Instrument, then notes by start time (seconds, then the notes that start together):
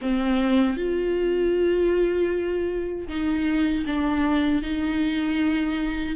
viola
0.01 C4
0.77 F4
3.08 D#4
3.86 D4
4.62 D#4